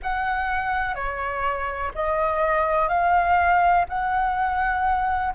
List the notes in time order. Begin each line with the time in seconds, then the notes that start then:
0.02 F#5
0.94 C#5
1.94 D#5
2.88 F5
3.88 F#5